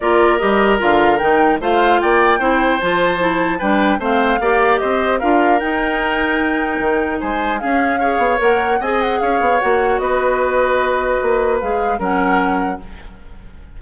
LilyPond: <<
  \new Staff \with { instrumentName = "flute" } { \time 4/4 \tempo 4 = 150 d''4 dis''4 f''4 g''4 | f''4 g''2 a''4~ | a''4 g''4 f''2 | dis''4 f''4 g''2~ |
g''2 gis''4 f''4~ | f''4 fis''4 gis''8 fis''8 f''4 | fis''4 dis''2.~ | dis''4 f''4 fis''2 | }
  \new Staff \with { instrumentName = "oboe" } { \time 4/4 ais'1 | c''4 d''4 c''2~ | c''4 b'4 c''4 d''4 | c''4 ais'2.~ |
ais'2 c''4 gis'4 | cis''2 dis''4 cis''4~ | cis''4 b'2.~ | b'2 ais'2 | }
  \new Staff \with { instrumentName = "clarinet" } { \time 4/4 f'4 g'4 f'4 dis'4 | f'2 e'4 f'4 | e'4 d'4 c'4 g'4~ | g'4 f'4 dis'2~ |
dis'2. cis'4 | gis'4 ais'4 gis'2 | fis'1~ | fis'4 gis'4 cis'2 | }
  \new Staff \with { instrumentName = "bassoon" } { \time 4/4 ais4 g4 d4 dis4 | a4 ais4 c'4 f4~ | f4 g4 a4 ais4 | c'4 d'4 dis'2~ |
dis'4 dis4 gis4 cis'4~ | cis'8 b8 ais4 c'4 cis'8 b8 | ais4 b2. | ais4 gis4 fis2 | }
>>